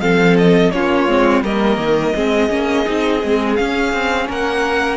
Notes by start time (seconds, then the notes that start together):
0.00 F3 C4 A4 F5
0.37 D#5
0.71 A#3 C#4 F4 C#5
1.07 G#3 C4
1.42 G3 A#3 A#4 D#5
1.77 D#3
2.15 G#3 C4 G#4
2.49 A#3 C#4
2.85 C4 D#4
3.23 G#3 C4
3.55 C#4 F5
3.93 C4
4.28 A#3 A#4 F#5